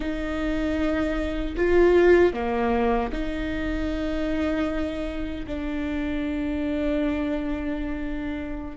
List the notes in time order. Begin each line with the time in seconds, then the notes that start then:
0.00 D#4
1.56 F4
2.33 A#3
3.12 D#4
5.47 D4